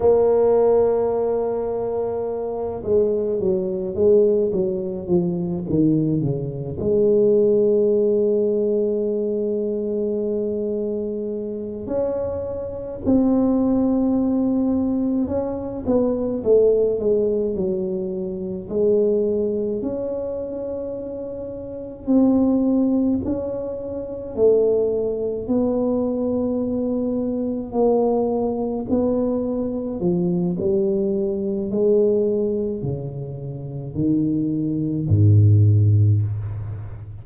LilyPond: \new Staff \with { instrumentName = "tuba" } { \time 4/4 \tempo 4 = 53 ais2~ ais8 gis8 fis8 gis8 | fis8 f8 dis8 cis8 gis2~ | gis2~ gis8 cis'4 c'8~ | c'4. cis'8 b8 a8 gis8 fis8~ |
fis8 gis4 cis'2 c'8~ | c'8 cis'4 a4 b4.~ | b8 ais4 b4 f8 g4 | gis4 cis4 dis4 gis,4 | }